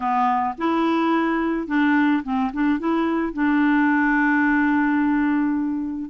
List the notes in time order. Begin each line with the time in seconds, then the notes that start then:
0.00 B3
0.58 E4
1.67 D4
2.23 C4
2.53 D4
2.79 E4
3.33 D4